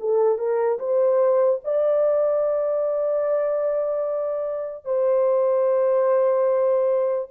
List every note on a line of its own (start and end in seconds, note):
0.00 0.38 A4
0.38 0.79 A#4
0.79 1.60 C5
1.64 4.85 D5
4.85 7.28 C5